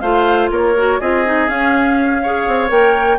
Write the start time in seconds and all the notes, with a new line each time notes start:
0.00 A3 F4 C5 F5
0.51 A#3 A#4 C#5
0.77 F#4
1.01 C4 F4 G#4 D#5
1.26 D#4
1.48 C#4 F5
2.23 G#4 C#5
2.48 C4
2.69 A#3 A#4 G5